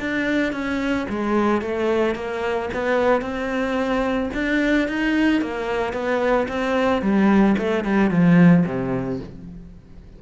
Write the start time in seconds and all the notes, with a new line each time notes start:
0.00 D4
0.53 C#4
1.10 G#3
1.61 A3
2.15 A#3
2.74 B3
3.22 C4
4.34 D4
4.88 D#4
5.42 A#3
5.93 B3
6.48 C4
7.02 G3
7.58 A3
7.85 G3
8.11 F3
8.66 C3